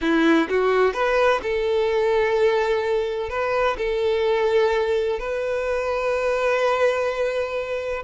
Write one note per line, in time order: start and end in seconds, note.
0.01 0.48 E4
0.49 0.93 F#4
0.93 1.40 B4
1.42 3.29 A4
3.29 3.77 B4
3.77 5.19 A4
5.19 8.02 B4